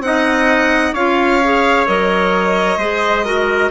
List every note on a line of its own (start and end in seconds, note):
0.00 0.92 C4
0.00 0.96 D#4
0.00 0.93 D#5
0.00 0.94 F#5
0.93 1.86 C#4
0.93 1.42 F4
0.93 2.78 C#5
0.93 1.87 F5
1.43 1.86 G#4
1.86 2.77 F#3
1.86 2.79 A#4
1.86 3.71 D#5
2.77 3.70 G#3
2.77 3.24 G#4
2.77 3.24 C5
3.24 3.71 F#4
3.24 3.71 A#4